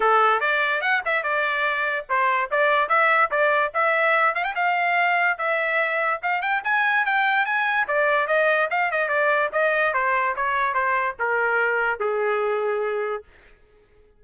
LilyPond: \new Staff \with { instrumentName = "trumpet" } { \time 4/4 \tempo 4 = 145 a'4 d''4 fis''8 e''8 d''4~ | d''4 c''4 d''4 e''4 | d''4 e''4. f''16 g''16 f''4~ | f''4 e''2 f''8 g''8 |
gis''4 g''4 gis''4 d''4 | dis''4 f''8 dis''8 d''4 dis''4 | c''4 cis''4 c''4 ais'4~ | ais'4 gis'2. | }